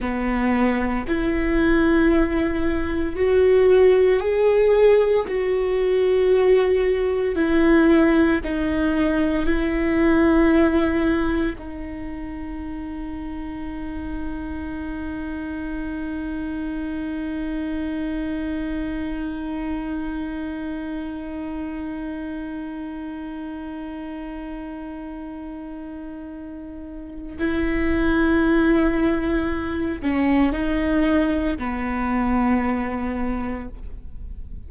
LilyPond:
\new Staff \with { instrumentName = "viola" } { \time 4/4 \tempo 4 = 57 b4 e'2 fis'4 | gis'4 fis'2 e'4 | dis'4 e'2 dis'4~ | dis'1~ |
dis'1~ | dis'1~ | dis'2 e'2~ | e'8 cis'8 dis'4 b2 | }